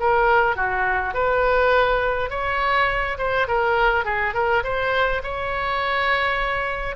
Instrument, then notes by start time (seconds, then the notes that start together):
oboe
0.00 A#4
0.56 F#4
1.15 B4
2.31 C#5
3.18 C5
3.48 A#4
4.05 G#4
4.35 A#4
4.64 C5
5.24 C#5